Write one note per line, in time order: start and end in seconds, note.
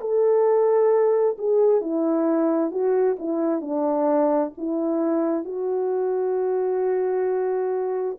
0.00 1.36 A4
1.38 1.81 G#4
1.81 2.71 E4
2.71 3.16 F#4
3.19 3.61 E4
3.61 4.52 D4
4.57 5.44 E4
5.44 8.17 F#4